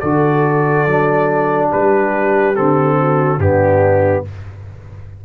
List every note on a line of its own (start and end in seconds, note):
0.00 0.87 D3
0.00 0.88 F#4
0.00 1.69 A4
0.00 1.69 D5
0.87 1.72 F#3
0.87 2.55 D4
1.70 2.58 G3
1.70 2.97 G4
1.70 2.56 B4
2.55 3.39 D3
2.55 3.39 C4
2.55 3.40 A4
2.99 3.39 F#4
3.39 4.23 G2
3.39 4.25 B3
3.39 4.24 D4
3.39 4.25 G4